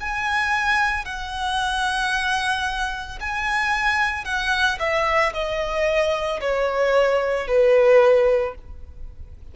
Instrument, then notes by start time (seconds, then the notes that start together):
violin
0.00 G#5
1.05 F#5
3.20 G#5
4.25 F#5
4.79 E5
5.33 D#5
6.40 C#5
7.47 B4